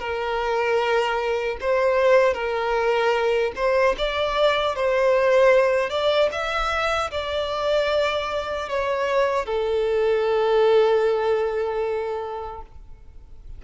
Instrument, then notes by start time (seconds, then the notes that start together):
violin
0.00 A#4
1.61 C5
2.34 A#4
3.56 C5
3.98 D5
4.76 C5
5.90 D5
6.32 E5
7.12 D5
8.69 C#5
9.46 A4